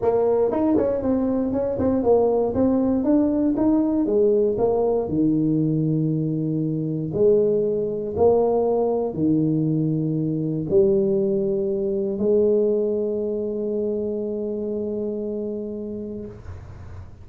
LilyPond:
\new Staff \with { instrumentName = "tuba" } { \time 4/4 \tempo 4 = 118 ais4 dis'8 cis'8 c'4 cis'8 c'8 | ais4 c'4 d'4 dis'4 | gis4 ais4 dis2~ | dis2 gis2 |
ais2 dis2~ | dis4 g2. | gis1~ | gis1 | }